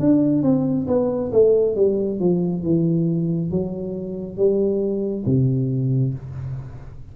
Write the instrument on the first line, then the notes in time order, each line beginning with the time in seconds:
tuba
0.00 D4
0.43 C4
0.87 B3
1.32 A3
1.76 G3
2.20 F3
2.63 E3
3.51 F#3
4.37 G3
5.26 C3